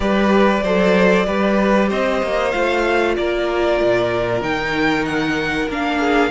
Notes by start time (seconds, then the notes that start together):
0.00 G3 G4 B4 D5
0.63 F#3 A4 C5
1.25 G3 G4 B4
1.89 C4 C5 D#5
2.21 A#3
2.51 A3 F4 F5
3.16 A#3 A#4 D5
3.82 A#2
4.41 D#3 D#4 G5
5.05 F#5
5.68 A#3 D4 F5
5.99 G#4